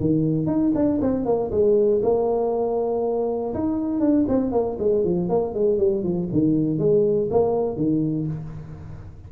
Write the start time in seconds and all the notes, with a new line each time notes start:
0.00 D#3
0.47 D#4
0.75 D4
1.02 C4
1.25 A#3
1.51 G#3
2.02 A#3
3.54 D#4
4.00 D4
4.28 C4
4.52 A#3
4.79 G#3
5.04 F3
5.29 A#3
5.54 G#3
5.78 G3
6.03 F3
6.32 D#3
6.78 G#3
7.30 A#3
7.77 D#3